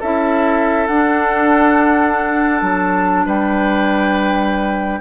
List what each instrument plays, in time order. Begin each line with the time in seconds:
0.00 bassoon C#4, clarinet E4, oboe A4, flute E5
0.87 bassoon D4, clarinet D4, flute F#5
2.61 bassoon F#3, flute A5
3.26 bassoon G3, oboe B4, flute G5